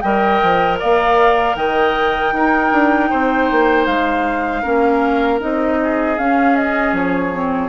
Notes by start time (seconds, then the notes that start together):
0.00 G3 A#4 D#5 G5
0.42 F3
0.79 A#3 D5 F5
1.55 D#3 D#5 G5
2.32 D#4 A#4
2.71 D4
3.10 C4 C5
3.51 A#3
3.86 G#3 F5
4.62 A#3 C#4 A#4
5.39 C4 D#4 D#5
5.83 G#4
6.18 C#4 F5
6.56 D#5
6.93 F3 C#5
7.33 C4